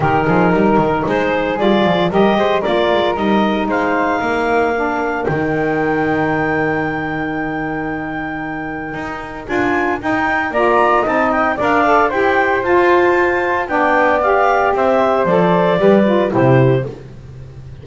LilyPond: <<
  \new Staff \with { instrumentName = "clarinet" } { \time 4/4 \tempo 4 = 114 ais'2 c''4 d''4 | dis''4 d''4 dis''4 f''4~ | f''2 g''2~ | g''1~ |
g''2 gis''4 g''4 | ais''4 a''8 g''8 f''4 g''4 | a''2 g''4 f''4 | e''4 d''2 c''4 | }
  \new Staff \with { instrumentName = "flute" } { \time 4/4 g'8 gis'8 ais'4 gis'2 | ais'8 c''8 ais'2 c''4 | ais'1~ | ais'1~ |
ais'1 | d''4 dis''4 d''4 c''4~ | c''2 d''2 | c''2 b'4 g'4 | }
  \new Staff \with { instrumentName = "saxophone" } { \time 4/4 dis'2. f'4 | g'4 f'4 dis'2~ | dis'4 d'4 dis'2~ | dis'1~ |
dis'2 f'4 dis'4 | f'4 dis'4 ais'8 a'8 g'4 | f'2 d'4 g'4~ | g'4 a'4 g'8 f'8 e'4 | }
  \new Staff \with { instrumentName = "double bass" } { \time 4/4 dis8 f8 g8 dis8 gis4 g8 f8 | g8 gis8 ais8 gis8 g4 gis4 | ais2 dis2~ | dis1~ |
dis4 dis'4 d'4 dis'4 | ais4 c'4 d'4 e'4 | f'2 b2 | c'4 f4 g4 c4 | }
>>